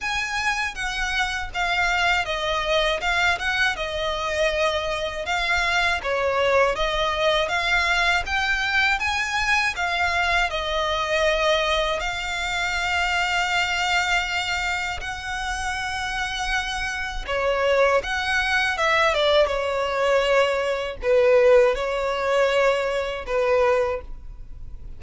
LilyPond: \new Staff \with { instrumentName = "violin" } { \time 4/4 \tempo 4 = 80 gis''4 fis''4 f''4 dis''4 | f''8 fis''8 dis''2 f''4 | cis''4 dis''4 f''4 g''4 | gis''4 f''4 dis''2 |
f''1 | fis''2. cis''4 | fis''4 e''8 d''8 cis''2 | b'4 cis''2 b'4 | }